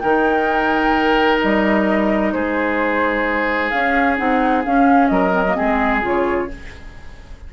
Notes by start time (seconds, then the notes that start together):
0.00 D#3 D#4 A#4 G5
1.42 G3 D#5
2.33 G#3 G#4 C5
3.70 C#4 F5
4.18 C4 D#4 F#5
4.65 C#4 F5
5.08 F#3 A#4 D#5
5.32 C4
5.47 A#3
5.56 G#3 C4 G#4
6.02 C#3 F4 C#5